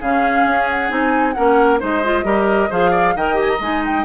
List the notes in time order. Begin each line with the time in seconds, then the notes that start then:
0.00 C#3 C#4 G#4 F5
0.46 C#4
0.70 F#5
0.89 C4 D#4 G#5
1.33 A#3 C#4 A#4 F#5
1.80 G#3 D#4 C5 D#5
2.04 F4
2.24 G3 G4 A#4
2.70 F3 G#4 C5 F5
2.91 D5
3.15 D#3 A#4 D#5 G5
3.34 G4 G#5
3.50 A#5
3.60 G#3 D#4 G#5
3.85 G5